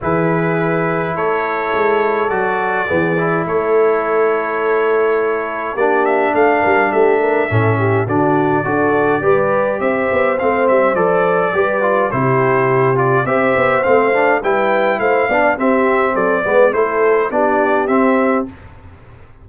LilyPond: <<
  \new Staff \with { instrumentName = "trumpet" } { \time 4/4 \tempo 4 = 104 b'2 cis''2 | d''2 cis''2~ | cis''2 d''8 e''8 f''4 | e''2 d''2~ |
d''4 e''4 f''8 e''8 d''4~ | d''4 c''4. d''8 e''4 | f''4 g''4 f''4 e''4 | d''4 c''4 d''4 e''4 | }
  \new Staff \with { instrumentName = "horn" } { \time 4/4 gis'2 a'2~ | a'4 gis'4 a'2~ | a'2 g'4 a'8 ais'8 | g'8 ais'8 a'8 g'8 fis'4 a'4 |
b'4 c''2. | b'4 g'2 c''4~ | c''4 b'4 c''8 d''8 g'4 | a'8 b'8 a'4 g'2 | }
  \new Staff \with { instrumentName = "trombone" } { \time 4/4 e'1 | fis'4 b8 e'2~ e'8~ | e'2 d'2~ | d'4 cis'4 d'4 fis'4 |
g'2 c'4 a'4 | g'8 f'8 e'4. f'8 g'4 | c'8 d'8 e'4. d'8 c'4~ | c'8 b8 e'4 d'4 c'4 | }
  \new Staff \with { instrumentName = "tuba" } { \time 4/4 e2 a4 gis4 | fis4 e4 a2~ | a2 ais4 a8 g8 | a4 a,4 d4 d'4 |
g4 c'8 b8 a8 g8 f4 | g4 c2 c'8 b8 | a4 g4 a8 b8 c'4 | fis8 gis8 a4 b4 c'4 | }
>>